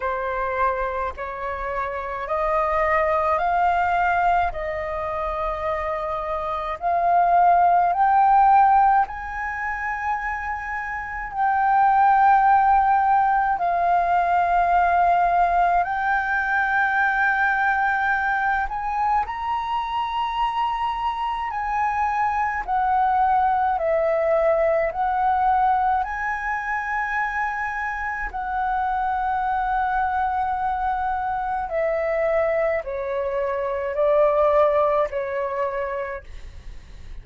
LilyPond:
\new Staff \with { instrumentName = "flute" } { \time 4/4 \tempo 4 = 53 c''4 cis''4 dis''4 f''4 | dis''2 f''4 g''4 | gis''2 g''2 | f''2 g''2~ |
g''8 gis''8 ais''2 gis''4 | fis''4 e''4 fis''4 gis''4~ | gis''4 fis''2. | e''4 cis''4 d''4 cis''4 | }